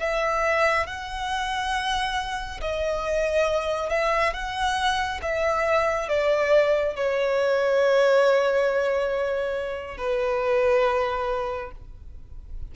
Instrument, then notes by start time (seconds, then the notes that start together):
violin
0.00 E5
0.87 F#5
2.61 D#5
3.90 E5
4.34 F#5
5.22 E5
6.09 D5
6.96 C#5
9.98 B4